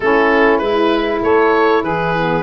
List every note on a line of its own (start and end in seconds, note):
0.00 0.60 A3
0.00 0.61 C#4
0.00 1.23 E4
0.00 0.58 A4
0.58 1.21 G#3
0.58 2.14 E4
0.58 1.19 B4
1.22 1.82 A3
1.22 1.82 A4
1.22 1.83 C#5
1.82 2.43 E3
1.82 2.43 G#4
1.82 2.43 B4
2.16 2.43 B3